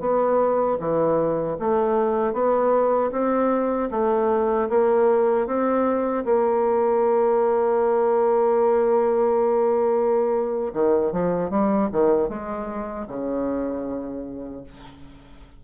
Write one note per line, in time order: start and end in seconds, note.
0.00 0.78 B3
0.79 1.57 E3
1.59 2.33 A3
2.33 3.11 B3
3.12 3.90 C4
3.91 4.69 A3
4.69 5.47 A#3
5.47 6.24 C4
6.24 10.72 A#3
10.73 11.12 D#3
11.12 11.50 F3
11.50 11.89 G3
11.92 12.28 D#3
12.28 13.06 G#3
13.08 14.64 C#3